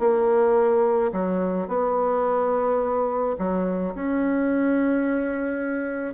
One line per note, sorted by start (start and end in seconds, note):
0.00 1.12 A#3
1.13 1.68 F#3
1.68 3.37 B3
3.39 3.95 F#3
3.95 6.15 C#4